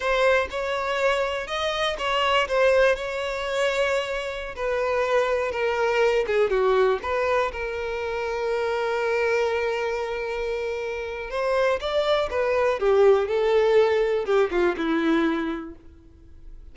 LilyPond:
\new Staff \with { instrumentName = "violin" } { \time 4/4 \tempo 4 = 122 c''4 cis''2 dis''4 | cis''4 c''4 cis''2~ | cis''4~ cis''16 b'2 ais'8.~ | ais'8. gis'8 fis'4 b'4 ais'8.~ |
ais'1~ | ais'2. c''4 | d''4 b'4 g'4 a'4~ | a'4 g'8 f'8 e'2 | }